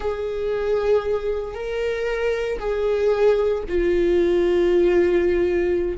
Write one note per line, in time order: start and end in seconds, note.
0.00 1.54 G#4
1.54 2.58 A#4
2.59 3.63 G#4
3.68 5.97 F4